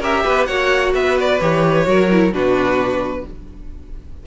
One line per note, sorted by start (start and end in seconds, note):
0.00 0.24 C#4
0.00 0.47 G4
0.00 0.23 A#4
0.00 0.45 E5
0.24 0.48 B3
0.24 0.47 B4
0.45 0.94 A#3
0.45 1.40 F#4
0.45 0.93 C#5
0.45 0.91 F#5
0.94 1.40 B3
0.94 1.86 B4
0.94 1.18 E5
1.20 1.41 D5
1.40 1.86 E3
1.40 1.85 G4
1.40 2.33 C#5
1.85 2.32 F#3
1.85 2.08 F#4
1.85 2.34 A#4
2.11 2.32 E4
2.32 3.24 B2
2.32 3.25 D4
2.32 3.26 F#4
2.32 3.26 B4